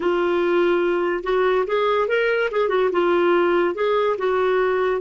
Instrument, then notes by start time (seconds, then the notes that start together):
clarinet
0.00 F4
1.23 F#4
1.66 G#4
2.08 A#4
2.51 G#4
2.69 F#4
2.92 F4
3.74 G#4
4.18 F#4